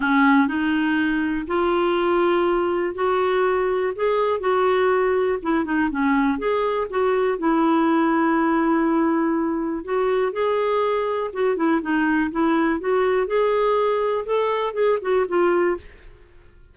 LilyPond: \new Staff \with { instrumentName = "clarinet" } { \time 4/4 \tempo 4 = 122 cis'4 dis'2 f'4~ | f'2 fis'2 | gis'4 fis'2 e'8 dis'8 | cis'4 gis'4 fis'4 e'4~ |
e'1 | fis'4 gis'2 fis'8 e'8 | dis'4 e'4 fis'4 gis'4~ | gis'4 a'4 gis'8 fis'8 f'4 | }